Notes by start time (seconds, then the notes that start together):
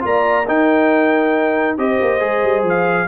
0.00 A#3 F4 D5 A#5
0.47 D#4 A#4 G5
1.77 C4 G4 C5 D#5
2.00 A#3
2.19 G#3 G#4
2.43 G3
2.63 F3 F5